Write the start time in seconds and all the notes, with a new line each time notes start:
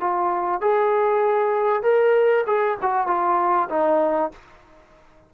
0.00 F4
0.61 G#4
1.82 A#4
2.46 G#4
2.81 F#4
3.07 F4
3.69 D#4